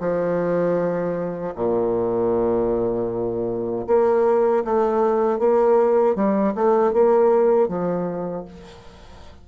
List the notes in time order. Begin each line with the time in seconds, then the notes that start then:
0.00 F3
1.55 A#2
3.87 A#3
4.64 A3
5.39 A#3
6.15 G3
6.55 A3
6.93 A#3
7.68 F3